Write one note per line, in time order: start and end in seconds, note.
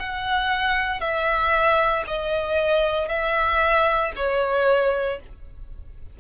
0.00 1.01 F#5
1.01 2.05 E5
2.07 3.09 D#5
3.09 4.12 E5
4.17 5.20 C#5